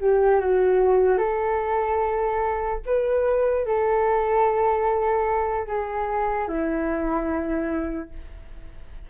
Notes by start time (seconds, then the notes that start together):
0.00 G4
0.40 F#4
1.18 A4
2.86 B4
3.66 A4
5.66 G#4
6.48 E4